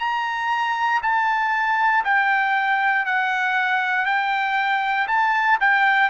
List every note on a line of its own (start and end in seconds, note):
0.00 1.02 A#5
1.03 2.04 A5
2.05 3.06 G5
3.06 4.06 F#5
4.06 5.08 G5
5.08 5.59 A5
5.61 6.10 G5